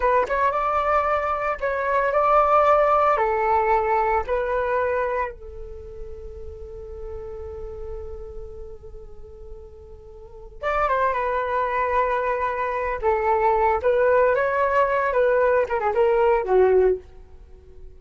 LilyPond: \new Staff \with { instrumentName = "flute" } { \time 4/4 \tempo 4 = 113 b'8 cis''8 d''2 cis''4 | d''2 a'2 | b'2 a'2~ | a'1~ |
a'1 | d''8 c''8 b'2.~ | b'8 a'4. b'4 cis''4~ | cis''8 b'4 ais'16 gis'16 ais'4 fis'4 | }